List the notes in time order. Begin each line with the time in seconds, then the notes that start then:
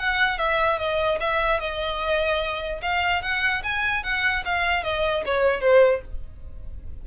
0.00 F#5
0.39 E5
0.79 D#5
1.21 E5
1.61 D#5
2.82 F5
3.23 F#5
3.64 G#5
4.04 F#5
4.45 F5
4.84 D#5
5.26 C#5
5.61 C5